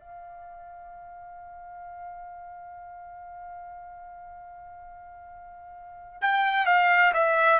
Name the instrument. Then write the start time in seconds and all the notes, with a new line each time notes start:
trumpet
0.00 F5
6.21 G5
6.66 F5
7.13 E5